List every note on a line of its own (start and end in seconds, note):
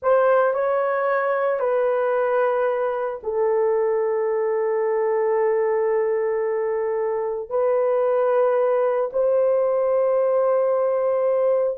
0.02 0.53 C5
0.53 1.59 C#5
1.59 3.20 B4
3.23 7.49 A4
7.49 9.10 B4
9.12 11.78 C5